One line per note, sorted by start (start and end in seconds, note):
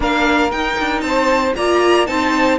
0.00 0.52 A#3
0.00 0.50 D4
0.00 1.04 A#4
0.00 0.51 F5
0.51 1.55 D#4
0.51 0.78 D#4
0.51 1.01 G5
0.79 1.01 D4
1.01 1.53 C4
1.01 1.56 C5
1.01 1.52 A5
1.56 2.07 A#3
1.56 2.06 F4
1.56 2.07 D5
1.56 2.06 A#5
2.06 2.58 C4
2.06 2.58 D#4
2.06 2.58 C5
2.06 2.58 A5